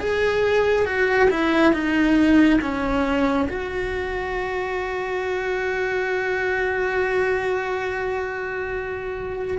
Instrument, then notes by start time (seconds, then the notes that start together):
cello
0.00 G#4
0.85 F#4
1.30 E4
1.73 D#4
2.61 C#4
3.49 F#4